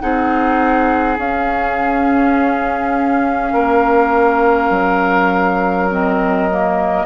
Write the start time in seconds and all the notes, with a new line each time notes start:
0.00 C4 D#4 G#4 F#5
1.18 C#4 F5
3.53 A#3 A#4
4.70 F#3
5.92 C4 D#5
6.51 A#3